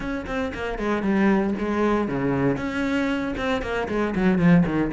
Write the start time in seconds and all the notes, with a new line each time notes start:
0.00 C#4
0.26 C4
0.53 A#3
0.78 G#3
1.02 G3
1.58 G#3
2.08 C#3
2.56 C#4
3.37 C4
3.62 A#3
3.88 G#3
4.15 F#3
4.38 F3
4.65 D#3